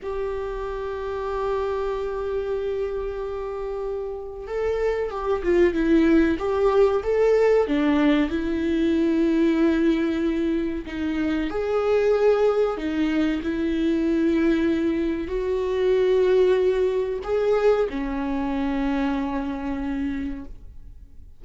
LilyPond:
\new Staff \with { instrumentName = "viola" } { \time 4/4 \tempo 4 = 94 g'1~ | g'2. a'4 | g'8 f'8 e'4 g'4 a'4 | d'4 e'2.~ |
e'4 dis'4 gis'2 | dis'4 e'2. | fis'2. gis'4 | cis'1 | }